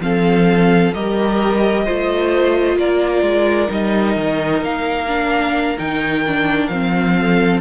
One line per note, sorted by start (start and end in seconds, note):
0.00 0.92 F3
0.00 0.92 C4
0.00 0.94 A4
0.00 0.93 F5
0.93 1.87 G3
0.93 1.86 G4
0.93 1.84 A#4
0.93 2.78 D#5
1.84 2.76 A3
1.84 3.68 F4
1.84 2.76 C5
2.76 3.22 A#3
2.76 7.17 A#4
2.76 3.71 D5
3.22 3.68 G#3
3.68 4.16 G3
3.68 5.07 D#4
3.68 4.64 D#5
4.16 4.62 D#3
4.62 5.77 A#3
4.62 5.78 F5
5.07 5.76 D4
5.78 6.68 D#3
5.78 6.24 D#4
5.78 6.67 G5
6.27 6.70 D4
6.67 7.61 F3
6.67 7.61 C4
6.67 7.59 F5
7.17 7.61 A4